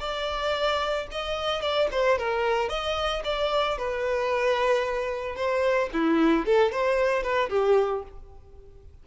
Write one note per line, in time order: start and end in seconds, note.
0.00 1.07 D5
1.12 1.61 D#5
1.61 1.88 D5
1.92 2.18 C5
2.18 2.69 A#4
2.69 3.23 D#5
3.24 3.78 D5
3.78 5.36 B4
5.36 5.89 C5
5.93 6.46 E4
6.46 6.72 A4
6.72 7.23 C5
7.23 7.50 B4
7.50 8.03 G4